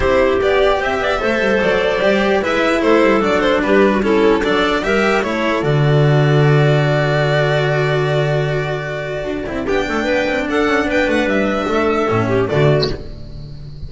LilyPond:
<<
  \new Staff \with { instrumentName = "violin" } { \time 4/4 \tempo 4 = 149 c''4 d''4 e''2 | d''2 e''4 c''4 | d''8 c''8 b'4 a'4 d''4 | e''4 cis''4 d''2~ |
d''1~ | d''1 | g''2 fis''4 g''8 fis''8 | e''2. d''4 | }
  \new Staff \with { instrumentName = "clarinet" } { \time 4/4 g'2 c''8 d''8 c''4~ | c''2 b'4 a'4~ | a'4 g'8. fis'16 e'4 a'4 | ais'4 a'2.~ |
a'1~ | a'1 | g'8 a'8 b'4 a'4 b'4~ | b'4 a'4. g'8 fis'4 | }
  \new Staff \with { instrumentName = "cello" } { \time 4/4 e'4 g'2 a'4~ | a'4 g'4 e'2 | d'2 cis'4 d'4 | g'4 e'4 fis'2~ |
fis'1~ | fis'2.~ fis'8 e'8 | d'1~ | d'2 cis'4 a4 | }
  \new Staff \with { instrumentName = "double bass" } { \time 4/4 c'4 b4 c'8 b8 a8 g8 | fis4 g4 gis4 a8 g8 | fis4 g2 fis4 | g4 a4 d2~ |
d1~ | d2. d'8 c'8 | b8 a8 b8 c'8 d'8 cis'8 b8 a8 | g4 a4 a,4 d4 | }
>>